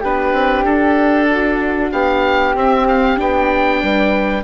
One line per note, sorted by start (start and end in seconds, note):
0.00 0.33 B3
0.00 2.55 D4
0.00 1.26 G4
0.00 0.64 B4
0.33 0.64 C4
0.64 1.90 D4
0.64 1.91 A4
1.30 1.92 F#4
1.92 2.54 B3
1.92 3.82 G4
1.92 2.55 F5
2.54 3.18 C4
2.54 3.16 C4
2.54 2.87 E5
2.87 3.19 F5
3.16 3.82 B3
3.16 4.43 D4
3.16 4.43 G5
3.82 4.43 G3
3.82 4.43 B4